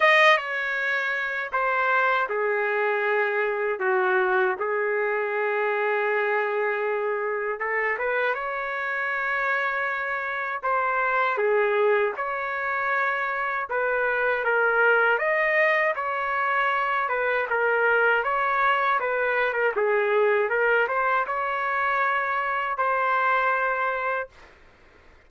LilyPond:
\new Staff \with { instrumentName = "trumpet" } { \time 4/4 \tempo 4 = 79 dis''8 cis''4. c''4 gis'4~ | gis'4 fis'4 gis'2~ | gis'2 a'8 b'8 cis''4~ | cis''2 c''4 gis'4 |
cis''2 b'4 ais'4 | dis''4 cis''4. b'8 ais'4 | cis''4 b'8. ais'16 gis'4 ais'8 c''8 | cis''2 c''2 | }